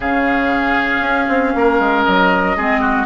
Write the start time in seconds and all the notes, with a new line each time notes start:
0.00 C#3 C#4 G#4 F5
1.00 C#4
1.28 C4
1.55 A#3 A#4
1.79 G#3
2.03 F#3 D#5
2.56 G#3 C4 G#4
2.80 F#4